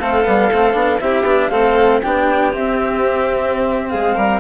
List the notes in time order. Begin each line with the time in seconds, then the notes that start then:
0.00 A3 C4 A4 F5
0.24 G3 B3
0.52 A3 C4
0.74 B3 D4
1.00 C4 E4 G4 E5
1.23 B3 D4
1.49 A3 C4 A4 F5
2.02 B3 D4 G4 G5
2.52 C4 E5
3.89 G#3 G#4 F5
4.15 G3 A#4